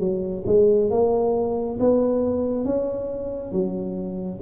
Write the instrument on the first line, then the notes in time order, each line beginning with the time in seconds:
tuba
0.00 F#3
0.47 G#3
0.91 A#3
1.80 B3
2.65 C#4
3.52 F#3